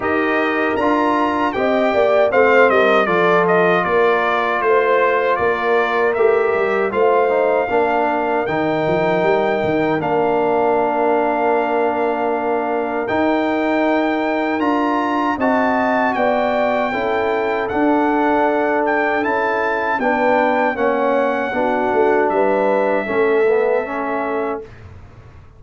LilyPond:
<<
  \new Staff \with { instrumentName = "trumpet" } { \time 4/4 \tempo 4 = 78 dis''4 ais''4 g''4 f''8 dis''8 | d''8 dis''8 d''4 c''4 d''4 | e''4 f''2 g''4~ | g''4 f''2.~ |
f''4 g''2 ais''4 | a''4 g''2 fis''4~ | fis''8 g''8 a''4 g''4 fis''4~ | fis''4 e''2. | }
  \new Staff \with { instrumentName = "horn" } { \time 4/4 ais'2 dis''8 d''8 c''8 ais'8 | a'4 ais'4 c''4 ais'4~ | ais'4 c''4 ais'2~ | ais'1~ |
ais'1 | dis''4 d''4 a'2~ | a'2 b'4 cis''4 | fis'4 b'4 a'2 | }
  \new Staff \with { instrumentName = "trombone" } { \time 4/4 g'4 f'4 g'4 c'4 | f'1 | g'4 f'8 dis'8 d'4 dis'4~ | dis'4 d'2.~ |
d'4 dis'2 f'4 | fis'2 e'4 d'4~ | d'4 e'4 d'4 cis'4 | d'2 cis'8 b8 cis'4 | }
  \new Staff \with { instrumentName = "tuba" } { \time 4/4 dis'4 d'4 c'8 ais8 a8 g8 | f4 ais4 a4 ais4 | a8 g8 a4 ais4 dis8 f8 | g8 dis8 ais2.~ |
ais4 dis'2 d'4 | c'4 b4 cis'4 d'4~ | d'4 cis'4 b4 ais4 | b8 a8 g4 a2 | }
>>